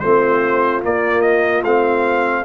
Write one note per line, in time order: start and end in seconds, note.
0.00 0.84 A3
0.00 0.82 C4
0.00 2.45 F4
0.00 0.81 C5
0.82 1.64 A#3
0.82 1.22 D5
1.22 1.62 D#5
1.64 2.45 A3
1.64 2.45 C4
1.64 2.45 F5